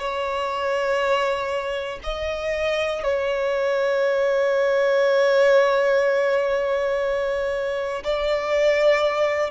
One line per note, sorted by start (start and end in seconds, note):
0.00 2.00 C#5
2.04 3.04 D#5
3.04 8.04 C#5
8.04 9.51 D5